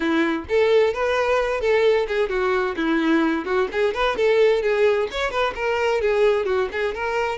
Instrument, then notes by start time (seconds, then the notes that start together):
violin
0.00 E4
0.48 A4
0.93 B4
1.60 A4
2.07 G#4
2.29 F#4
2.76 E4
3.45 F#4
3.72 G#4
3.94 B4
4.16 A4
4.62 G#4
5.11 C#5
5.30 B4
5.55 A#4
6.01 G#4
6.45 F#4
6.72 G#4
6.94 A#4